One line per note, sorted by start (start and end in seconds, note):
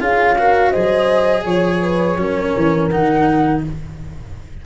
0.00 0.73 C#4
0.00 0.36 F4
0.00 0.36 G#4
0.00 0.70 F5
0.38 0.74 F#4
0.38 0.70 A#4
0.70 2.18 G#4
0.70 1.43 C5
0.70 1.43 D#5
0.76 1.45 F#3
1.44 2.17 F3
1.44 1.80 C#5
1.44 2.89 C#5
1.81 2.18 B4
2.17 2.53 F#3
2.17 2.90 C#4
2.17 3.65 A#4
2.56 2.93 E3
2.89 3.65 D#3
2.89 3.63 D#4
2.89 3.61 F#5